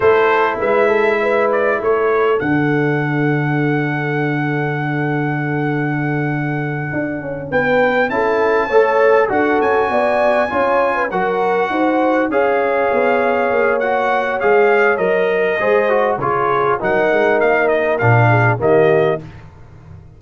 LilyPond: <<
  \new Staff \with { instrumentName = "trumpet" } { \time 4/4 \tempo 4 = 100 c''4 e''4. d''8 cis''4 | fis''1~ | fis''1~ | fis''8 g''4 a''2 fis''8 |
gis''2~ gis''8 fis''4.~ | fis''8 f''2~ f''8 fis''4 | f''4 dis''2 cis''4 | fis''4 f''8 dis''8 f''4 dis''4 | }
  \new Staff \with { instrumentName = "horn" } { \time 4/4 a'4 b'8 a'8 b'4 a'4~ | a'1~ | a'1~ | a'8 b'4 a'4 cis''4 a'8~ |
a'8 d''4 cis''8. b'16 ais'4 c''8~ | c''8 cis''2.~ cis''8~ | cis''2 c''4 gis'4 | ais'2~ ais'8 gis'8 g'4 | }
  \new Staff \with { instrumentName = "trombone" } { \time 4/4 e'1 | d'1~ | d'1~ | d'4. e'4 a'4 fis'8~ |
fis'4. f'4 fis'4.~ | fis'8 gis'2~ gis'8 fis'4 | gis'4 ais'4 gis'8 fis'8 f'4 | dis'2 d'4 ais4 | }
  \new Staff \with { instrumentName = "tuba" } { \time 4/4 a4 gis2 a4 | d1~ | d2.~ d8 d'8 | cis'8 b4 cis'4 a4 d'8 |
cis'8 b4 cis'4 fis4 dis'8~ | dis'8 cis'4 b4 ais4. | gis4 fis4 gis4 cis4 | fis8 gis8 ais4 ais,4 dis4 | }
>>